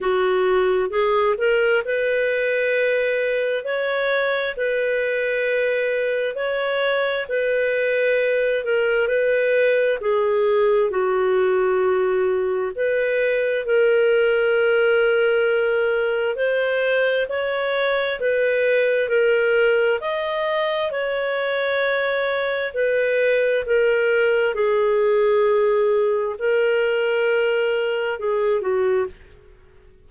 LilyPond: \new Staff \with { instrumentName = "clarinet" } { \time 4/4 \tempo 4 = 66 fis'4 gis'8 ais'8 b'2 | cis''4 b'2 cis''4 | b'4. ais'8 b'4 gis'4 | fis'2 b'4 ais'4~ |
ais'2 c''4 cis''4 | b'4 ais'4 dis''4 cis''4~ | cis''4 b'4 ais'4 gis'4~ | gis'4 ais'2 gis'8 fis'8 | }